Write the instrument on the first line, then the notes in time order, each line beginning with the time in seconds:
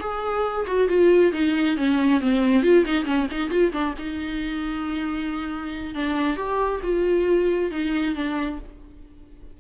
viola
0.00 G#4
0.67 F#4
0.88 F4
1.33 D#4
1.77 C#4
2.21 C4
2.63 F4
2.85 D#4
3.05 C#4
3.31 D#4
3.51 F4
3.73 D4
3.98 D#4
5.95 D4
6.37 G4
6.83 F4
7.71 D#4
8.15 D4